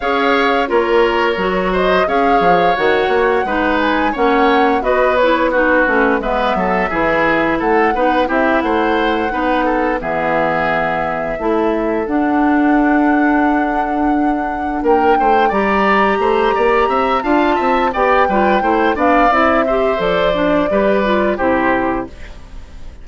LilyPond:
<<
  \new Staff \with { instrumentName = "flute" } { \time 4/4 \tempo 4 = 87 f''4 cis''4. dis''8 f''4 | fis''4. gis''8 fis''4 dis''8 cis''8 | b'4 e''2 fis''4 | e''8 fis''2 e''4.~ |
e''4. fis''2~ fis''8~ | fis''4. g''4 ais''4.~ | ais''4 a''4 g''4. f''8 | e''4 d''2 c''4 | }
  \new Staff \with { instrumentName = "oboe" } { \time 4/4 cis''4 ais'4. c''8 cis''4~ | cis''4 b'4 cis''4 b'4 | fis'4 b'8 a'8 gis'4 a'8 b'8 | g'8 c''4 b'8 a'8 gis'4.~ |
gis'8 a'2.~ a'8~ | a'4. ais'8 c''8 d''4 c''8 | d''8 e''8 f''8 e''8 d''8 b'8 c''8 d''8~ | d''8 c''4. b'4 g'4 | }
  \new Staff \with { instrumentName = "clarinet" } { \time 4/4 gis'4 f'4 fis'4 gis'4 | fis'4 dis'4 cis'4 fis'8 e'8 | dis'8 cis'8 b4 e'4. dis'8 | e'4. dis'4 b4.~ |
b8 e'4 d'2~ d'8~ | d'2~ d'8 g'4.~ | g'4 f'4 g'8 f'8 e'8 d'8 | e'8 g'8 a'8 d'8 g'8 f'8 e'4 | }
  \new Staff \with { instrumentName = "bassoon" } { \time 4/4 cis'4 ais4 fis4 cis'8 f8 | dis8 ais8 gis4 ais4 b4~ | b8 a8 gis8 fis8 e4 a8 b8 | c'8 a4 b4 e4.~ |
e8 a4 d'2~ d'8~ | d'4. ais8 a8 g4 a8 | ais8 c'8 d'8 c'8 b8 g8 a8 b8 | c'4 f4 g4 c4 | }
>>